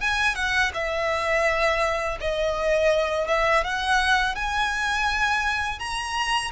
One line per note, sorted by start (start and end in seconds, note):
0.00 0.35 G#5
0.35 0.71 F#5
0.74 2.18 E5
2.20 3.27 D#5
3.27 3.63 E5
3.64 4.35 F#5
4.35 5.79 G#5
5.79 6.51 A#5